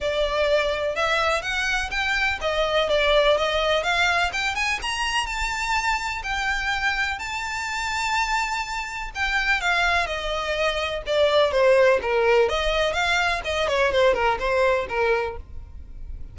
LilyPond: \new Staff \with { instrumentName = "violin" } { \time 4/4 \tempo 4 = 125 d''2 e''4 fis''4 | g''4 dis''4 d''4 dis''4 | f''4 g''8 gis''8 ais''4 a''4~ | a''4 g''2 a''4~ |
a''2. g''4 | f''4 dis''2 d''4 | c''4 ais'4 dis''4 f''4 | dis''8 cis''8 c''8 ais'8 c''4 ais'4 | }